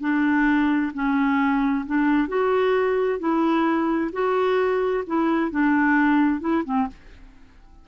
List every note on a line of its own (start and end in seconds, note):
0.00 0.92 D4
0.93 1.85 C#4
1.86 2.28 D4
2.28 3.19 F#4
3.19 4.11 E4
4.12 5.04 F#4
5.06 5.50 E4
5.50 6.40 D4
6.40 6.63 E4
6.64 6.87 C4